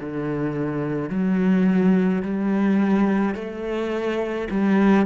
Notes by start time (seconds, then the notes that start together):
0.00 D3
1.10 F#3
2.22 G3
3.34 A3
4.50 G3